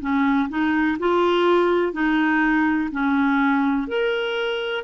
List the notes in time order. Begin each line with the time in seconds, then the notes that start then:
0.00 C#4
0.49 D#4
0.99 F4
1.93 D#4
2.92 C#4
3.87 A#4